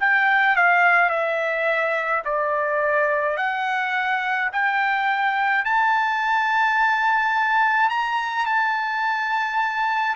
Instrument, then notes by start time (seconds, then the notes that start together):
trumpet
0.00 G5
0.56 F5
1.10 E5
2.25 D5
3.37 F#5
4.53 G5
5.65 A5
7.89 A#5
8.46 A5